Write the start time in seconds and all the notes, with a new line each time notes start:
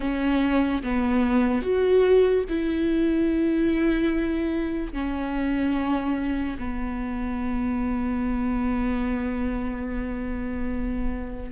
0.00 C#4
0.82 B3
1.62 F#4
2.48 E4
4.92 C#4
6.59 B3